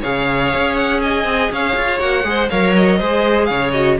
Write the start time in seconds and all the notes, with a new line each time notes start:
0.00 C#3 G#4 C#5 F5
0.55 C#4
0.75 F#5
1.02 D#5 G#5
1.24 C4
1.51 C#4 C#5 F5
1.76 F4
1.99 A#3 F#4 F#5
2.24 G#3 G#4 C5
2.49 F#3 A#4 C#5 F5
2.75 D#5
2.98 G#3 G#4 C5
3.45 C#3 C#5 F5
3.71 F#4 D#5